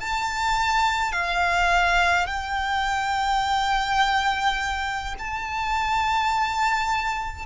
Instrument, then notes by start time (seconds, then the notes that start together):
violin
0.00 A5
1.12 F5
2.27 G5
5.19 A5